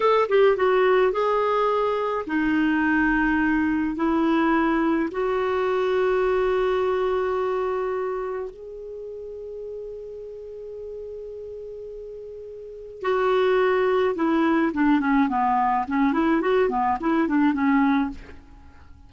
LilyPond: \new Staff \with { instrumentName = "clarinet" } { \time 4/4 \tempo 4 = 106 a'8 g'8 fis'4 gis'2 | dis'2. e'4~ | e'4 fis'2.~ | fis'2. gis'4~ |
gis'1~ | gis'2. fis'4~ | fis'4 e'4 d'8 cis'8 b4 | cis'8 e'8 fis'8 b8 e'8 d'8 cis'4 | }